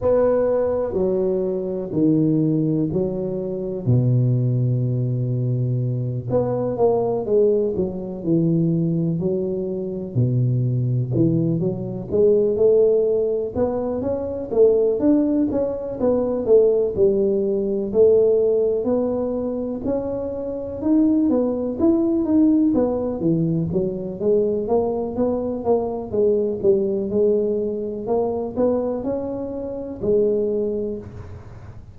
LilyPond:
\new Staff \with { instrumentName = "tuba" } { \time 4/4 \tempo 4 = 62 b4 fis4 dis4 fis4 | b,2~ b,8 b8 ais8 gis8 | fis8 e4 fis4 b,4 e8 | fis8 gis8 a4 b8 cis'8 a8 d'8 |
cis'8 b8 a8 g4 a4 b8~ | b8 cis'4 dis'8 b8 e'8 dis'8 b8 | e8 fis8 gis8 ais8 b8 ais8 gis8 g8 | gis4 ais8 b8 cis'4 gis4 | }